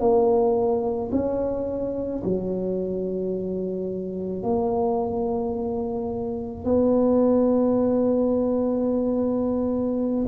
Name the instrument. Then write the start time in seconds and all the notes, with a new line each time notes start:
tuba
0.00 A#3
1.12 C#4
2.24 F#3
4.43 A#3
6.65 B3